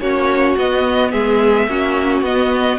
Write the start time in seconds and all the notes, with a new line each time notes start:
0.00 A#3 C#4 F#4 C#5
0.57 B3 D#5
1.11 G#3 G#4 E5
1.67 A#3 C#4 F#4
2.21 B3 D#5